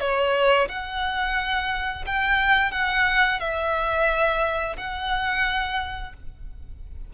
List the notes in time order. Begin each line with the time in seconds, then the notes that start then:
0.00 C#5
0.68 F#5
2.06 G5
2.72 F#5
3.40 E5
4.77 F#5